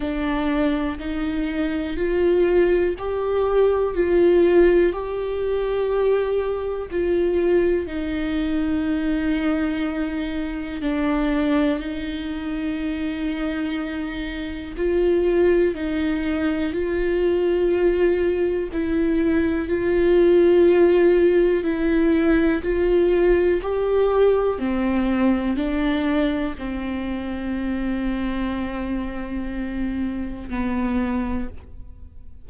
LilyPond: \new Staff \with { instrumentName = "viola" } { \time 4/4 \tempo 4 = 61 d'4 dis'4 f'4 g'4 | f'4 g'2 f'4 | dis'2. d'4 | dis'2. f'4 |
dis'4 f'2 e'4 | f'2 e'4 f'4 | g'4 c'4 d'4 c'4~ | c'2. b4 | }